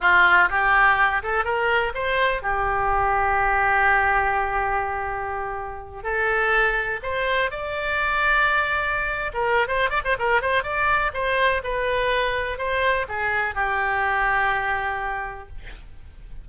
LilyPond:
\new Staff \with { instrumentName = "oboe" } { \time 4/4 \tempo 4 = 124 f'4 g'4. a'8 ais'4 | c''4 g'2.~ | g'1~ | g'8 a'2 c''4 d''8~ |
d''2.~ d''16 ais'8. | c''8 d''16 c''16 ais'8 c''8 d''4 c''4 | b'2 c''4 gis'4 | g'1 | }